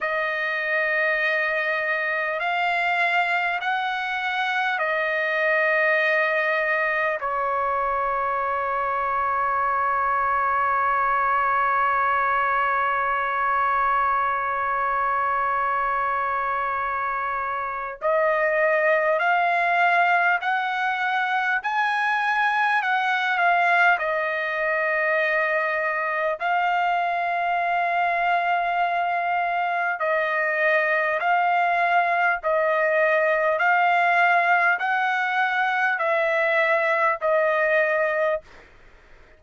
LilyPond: \new Staff \with { instrumentName = "trumpet" } { \time 4/4 \tempo 4 = 50 dis''2 f''4 fis''4 | dis''2 cis''2~ | cis''1~ | cis''2. dis''4 |
f''4 fis''4 gis''4 fis''8 f''8 | dis''2 f''2~ | f''4 dis''4 f''4 dis''4 | f''4 fis''4 e''4 dis''4 | }